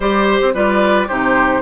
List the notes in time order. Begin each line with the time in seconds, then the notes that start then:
0.00 G3 G4 C5 D5
0.29 C5
0.41 C4
0.54 G3 F4 B4 D5
1.07 C3 D#4 G4 C5